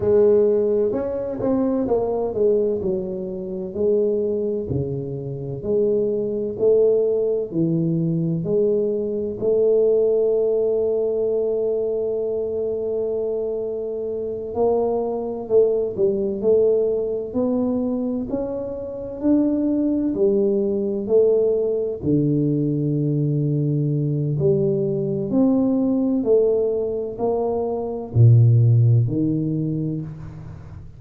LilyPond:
\new Staff \with { instrumentName = "tuba" } { \time 4/4 \tempo 4 = 64 gis4 cis'8 c'8 ais8 gis8 fis4 | gis4 cis4 gis4 a4 | e4 gis4 a2~ | a2.~ a8 ais8~ |
ais8 a8 g8 a4 b4 cis'8~ | cis'8 d'4 g4 a4 d8~ | d2 g4 c'4 | a4 ais4 ais,4 dis4 | }